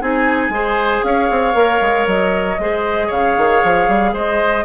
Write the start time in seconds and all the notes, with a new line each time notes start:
0.00 C4 D#4 G#4 G#5
0.49 G#3 G#4 C5
1.03 C#4 C#5 F5
1.30 C4
1.53 A#3 A#4
1.81 G#3
2.06 F#3 D#5
2.58 G#3 G#4 C5
3.07 C#3 C#5 F5
3.37 D#3
3.64 F3
3.88 G3
4.13 G#3 C5 D#5